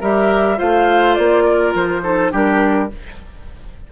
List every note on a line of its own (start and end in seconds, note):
0.00 0.59 G3
0.00 0.57 G4
0.00 0.58 A#4
0.00 0.59 E5
0.57 1.18 A3
0.57 2.01 F4
0.57 1.44 C5
0.57 1.15 F5
1.15 1.74 A#3
1.15 1.72 D5
1.44 2.01 A#4
1.74 2.31 F3
1.74 2.33 C5
2.02 2.31 D#4
2.02 2.31 A4
2.31 2.90 G3
2.31 2.88 D4
2.31 2.89 G4
2.31 2.92 A#4